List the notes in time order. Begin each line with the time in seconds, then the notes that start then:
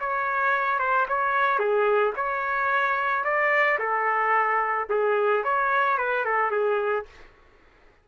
0.00 C#5
0.79 C5
1.09 C#5
1.59 G#4
2.16 C#5
3.25 D5
3.79 A4
4.89 G#4
5.44 C#5
5.98 B4
6.25 A4
6.51 G#4